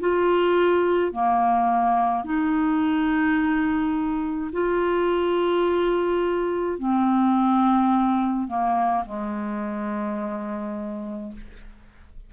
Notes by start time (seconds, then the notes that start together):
0.00 F4
1.12 A#3
2.24 D#4
4.52 F4
6.79 C4
8.48 A#3
9.06 G#3